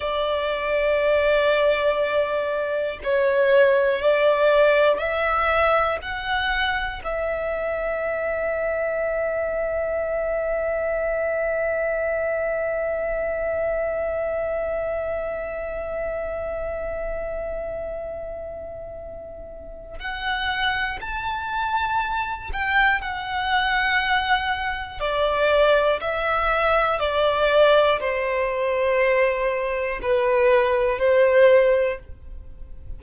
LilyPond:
\new Staff \with { instrumentName = "violin" } { \time 4/4 \tempo 4 = 60 d''2. cis''4 | d''4 e''4 fis''4 e''4~ | e''1~ | e''1~ |
e''1 | fis''4 a''4. g''8 fis''4~ | fis''4 d''4 e''4 d''4 | c''2 b'4 c''4 | }